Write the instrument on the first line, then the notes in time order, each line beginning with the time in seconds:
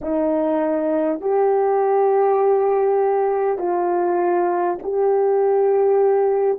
horn
0.01 D#4
1.20 G4
3.58 F4
4.83 G4